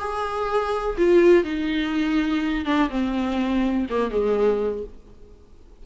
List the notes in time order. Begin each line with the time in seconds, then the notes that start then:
0.00 G#4
0.98 F4
1.45 D#4
2.65 D4
2.90 C4
3.90 A#3
4.11 G#3